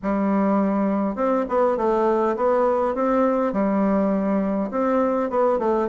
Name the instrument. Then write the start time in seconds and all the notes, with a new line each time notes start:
bassoon
0.02 G3
1.15 C4
1.49 B3
1.77 A3
2.36 B3
2.94 C4
3.52 G3
4.71 C4
5.30 B3
5.59 A3